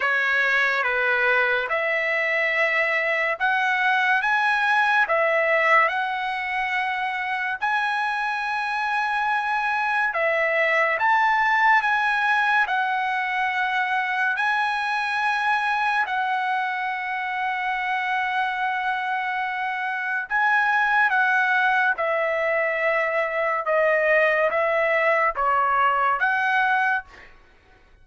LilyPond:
\new Staff \with { instrumentName = "trumpet" } { \time 4/4 \tempo 4 = 71 cis''4 b'4 e''2 | fis''4 gis''4 e''4 fis''4~ | fis''4 gis''2. | e''4 a''4 gis''4 fis''4~ |
fis''4 gis''2 fis''4~ | fis''1 | gis''4 fis''4 e''2 | dis''4 e''4 cis''4 fis''4 | }